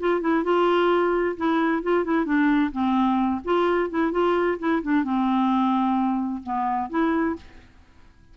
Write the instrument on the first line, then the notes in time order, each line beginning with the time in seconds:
clarinet
0.00 F4
0.21 E4
0.44 F4
1.37 E4
1.83 F4
2.05 E4
2.25 D4
2.72 C4
3.44 F4
3.90 E4
4.12 F4
4.59 E4
4.83 D4
5.04 C4
6.43 B3
6.90 E4